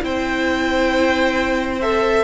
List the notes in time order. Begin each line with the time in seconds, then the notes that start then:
0.00 C4 E4 C5 G5
1.81 A4 E5